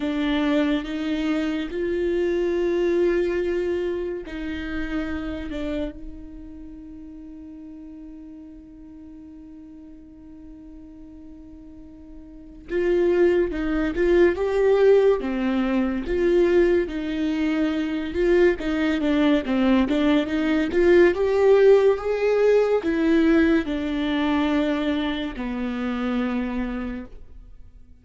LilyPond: \new Staff \with { instrumentName = "viola" } { \time 4/4 \tempo 4 = 71 d'4 dis'4 f'2~ | f'4 dis'4. d'8 dis'4~ | dis'1~ | dis'2. f'4 |
dis'8 f'8 g'4 c'4 f'4 | dis'4. f'8 dis'8 d'8 c'8 d'8 | dis'8 f'8 g'4 gis'4 e'4 | d'2 b2 | }